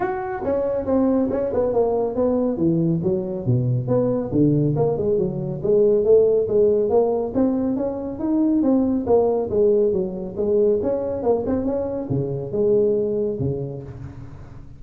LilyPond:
\new Staff \with { instrumentName = "tuba" } { \time 4/4 \tempo 4 = 139 fis'4 cis'4 c'4 cis'8 b8 | ais4 b4 e4 fis4 | b,4 b4 d4 ais8 gis8 | fis4 gis4 a4 gis4 |
ais4 c'4 cis'4 dis'4 | c'4 ais4 gis4 fis4 | gis4 cis'4 ais8 c'8 cis'4 | cis4 gis2 cis4 | }